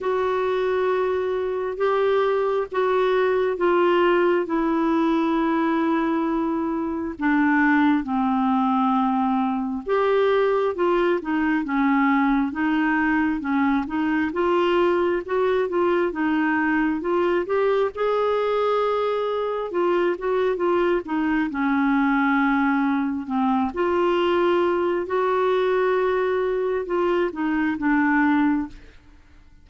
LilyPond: \new Staff \with { instrumentName = "clarinet" } { \time 4/4 \tempo 4 = 67 fis'2 g'4 fis'4 | f'4 e'2. | d'4 c'2 g'4 | f'8 dis'8 cis'4 dis'4 cis'8 dis'8 |
f'4 fis'8 f'8 dis'4 f'8 g'8 | gis'2 f'8 fis'8 f'8 dis'8 | cis'2 c'8 f'4. | fis'2 f'8 dis'8 d'4 | }